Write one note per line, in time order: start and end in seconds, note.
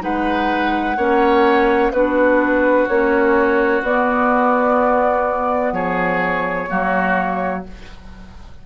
0.00 0.97 G#3
0.00 0.95 D#4
0.00 0.97 B4
0.00 1.92 F#5
0.97 1.92 A#3
0.97 1.94 C#4
0.97 1.93 C#5
1.92 2.87 B3
1.92 2.90 D4
1.92 5.74 F#4
1.92 2.88 B4
2.88 3.82 A#3
2.88 3.85 C#4
2.88 3.83 C#5
3.82 5.73 B3
3.82 6.69 B3
3.82 5.74 D5
5.73 6.68 F3
5.73 6.70 G#4
5.73 7.64 C#5
6.69 7.67 F#3
6.69 7.64 A#3
6.69 7.65 F#4